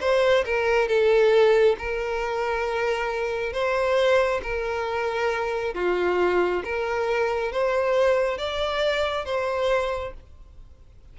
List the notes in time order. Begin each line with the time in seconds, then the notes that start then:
0.00 C5
0.45 A#4
0.87 A4
1.78 A#4
3.52 C5
4.42 A#4
5.74 F4
6.64 A#4
7.52 C5
8.38 D5
9.25 C5